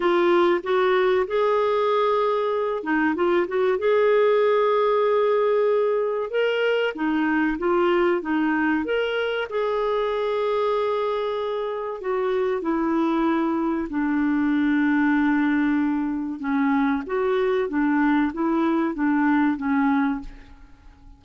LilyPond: \new Staff \with { instrumentName = "clarinet" } { \time 4/4 \tempo 4 = 95 f'4 fis'4 gis'2~ | gis'8 dis'8 f'8 fis'8 gis'2~ | gis'2 ais'4 dis'4 | f'4 dis'4 ais'4 gis'4~ |
gis'2. fis'4 | e'2 d'2~ | d'2 cis'4 fis'4 | d'4 e'4 d'4 cis'4 | }